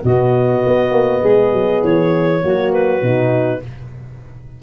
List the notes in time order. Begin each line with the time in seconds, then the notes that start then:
0.00 B2 B3 F#4 D#5
0.66 B3
0.91 A#3
1.21 G#3 G#4
1.52 F#3
1.83 E3 C#5
2.42 F#3 A#3 F#4
2.72 B4
3.02 B2 D#4